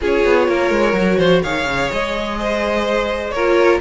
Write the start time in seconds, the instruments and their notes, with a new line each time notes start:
0.01 cello C#4, viola F4, violin G#4 C#5
0.24 cello B3
0.48 cello A#3, violin A#4
0.70 cello G#3
0.93 cello F#3, viola F#4
1.18 cello F3, violin C5
1.42 cello D#3, viola G#4, violin C#5 F5
1.66 cello C#3
1.92 cello G#3, violin D#5
2.39 violin C5
3.30 cello A#3, violin A#4 C#5
3.36 viola F4